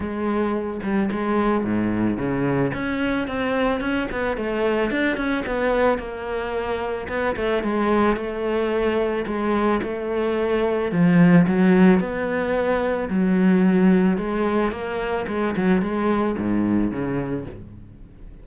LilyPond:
\new Staff \with { instrumentName = "cello" } { \time 4/4 \tempo 4 = 110 gis4. g8 gis4 gis,4 | cis4 cis'4 c'4 cis'8 b8 | a4 d'8 cis'8 b4 ais4~ | ais4 b8 a8 gis4 a4~ |
a4 gis4 a2 | f4 fis4 b2 | fis2 gis4 ais4 | gis8 fis8 gis4 gis,4 cis4 | }